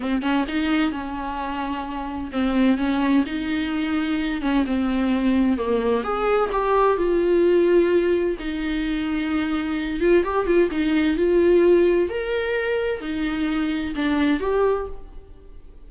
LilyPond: \new Staff \with { instrumentName = "viola" } { \time 4/4 \tempo 4 = 129 c'8 cis'8 dis'4 cis'2~ | cis'4 c'4 cis'4 dis'4~ | dis'4. cis'8 c'2 | ais4 gis'4 g'4 f'4~ |
f'2 dis'2~ | dis'4. f'8 g'8 f'8 dis'4 | f'2 ais'2 | dis'2 d'4 g'4 | }